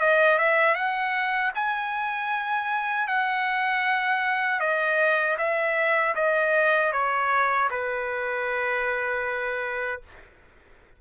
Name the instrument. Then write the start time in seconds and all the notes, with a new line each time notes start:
trumpet
0.00 D#5
0.38 E5
0.75 F#5
1.55 G#5
3.08 F#5
4.60 D#5
5.38 E5
6.15 D#5
6.92 C#5
7.70 B4